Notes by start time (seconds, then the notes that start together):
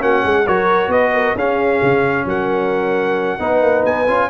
0.00 A#3 C#4 F#4 F#5
0.24 G#3 G#4
0.45 F#3 F#4 A#4 C#5
0.88 B3 B4 D#5
1.13 A#4
1.35 C#4 G#4 F5
1.82 C#3
2.25 F#3 A#4 F#5
3.39 B3 D#4 B4
3.62 A#3
3.85 B3 G#5
4.08 C#4 F4